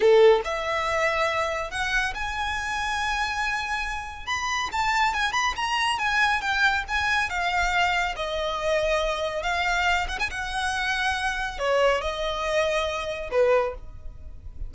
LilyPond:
\new Staff \with { instrumentName = "violin" } { \time 4/4 \tempo 4 = 140 a'4 e''2. | fis''4 gis''2.~ | gis''2 b''4 a''4 | gis''8 b''8 ais''4 gis''4 g''4 |
gis''4 f''2 dis''4~ | dis''2 f''4. fis''16 gis''16 | fis''2. cis''4 | dis''2. b'4 | }